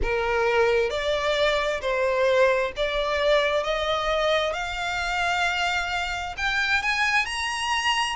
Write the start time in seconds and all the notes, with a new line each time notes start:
0.02 A#4
0.90 D5
1.81 C5
2.76 D5
3.63 D#5
4.53 F5
6.37 G5
6.82 G#5
7.25 A#5